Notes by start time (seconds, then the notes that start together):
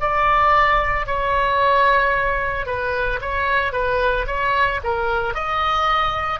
0.00 D5
1.06 C#5
2.66 B4
3.21 C#5
3.72 B4
4.27 C#5
4.83 A#4
5.34 D#5